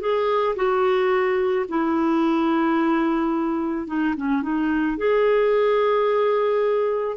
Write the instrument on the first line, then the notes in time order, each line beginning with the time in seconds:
clarinet
0.00 G#4
0.56 F#4
1.69 E4
3.87 D#4
4.17 C#4
4.42 D#4
4.97 G#4